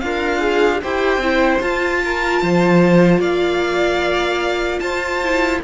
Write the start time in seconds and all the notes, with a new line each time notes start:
0.00 D4 F4 A#4 F5
0.38 G#4
0.81 E4 G4 C5 G5
1.17 C4 E4
1.61 F4 A5
2.04 A#4
2.42 F3 C5
3.19 A#3 D5 F5
4.79 F4 C5 A5
5.23 E4